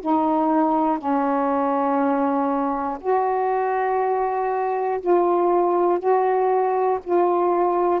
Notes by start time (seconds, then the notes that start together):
0.00 D#4
0.98 C#4
3.00 F#4
5.00 F4
5.99 F#4
7.04 F4